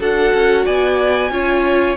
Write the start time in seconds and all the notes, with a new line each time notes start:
0.00 D4 F#4 A4 F#5
0.34 C#4
0.65 B3 D5 G#5
1.31 C#4 F4 C#5